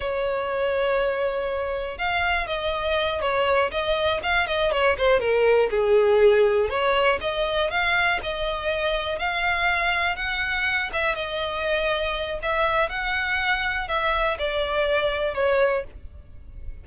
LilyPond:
\new Staff \with { instrumentName = "violin" } { \time 4/4 \tempo 4 = 121 cis''1 | f''4 dis''4. cis''4 dis''8~ | dis''8 f''8 dis''8 cis''8 c''8 ais'4 gis'8~ | gis'4. cis''4 dis''4 f''8~ |
f''8 dis''2 f''4.~ | f''8 fis''4. e''8 dis''4.~ | dis''4 e''4 fis''2 | e''4 d''2 cis''4 | }